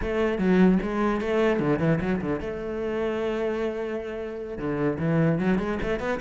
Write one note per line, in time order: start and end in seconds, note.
0.01 0.38 A3
0.38 0.78 F#3
0.82 1.20 G#3
1.20 1.59 A3
1.59 1.79 D3
1.79 1.99 E3
2.00 2.20 F#3
2.21 2.40 D3
2.40 4.58 A3
4.58 4.98 D3
4.98 5.38 E3
5.39 5.59 F#3
5.59 5.79 G#3
5.82 5.99 A3
5.99 6.19 B3